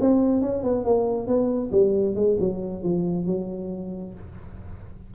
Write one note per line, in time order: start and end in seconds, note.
0.00 0.41 C4
0.41 0.63 C#4
0.63 0.84 B3
0.84 1.27 A#3
1.27 1.70 B3
1.71 2.15 G3
2.15 2.37 G#3
2.39 2.83 F#3
2.83 3.25 F3
3.25 4.13 F#3